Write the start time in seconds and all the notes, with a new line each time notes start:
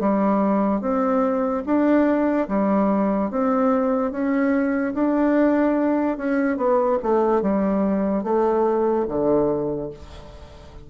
0.00 G3
0.81 C4
1.66 D4
2.48 G3
3.31 C4
4.12 C#4
4.95 D4
6.18 C#4
6.57 B3
7.03 A3
7.42 G3
8.24 A3
9.08 D3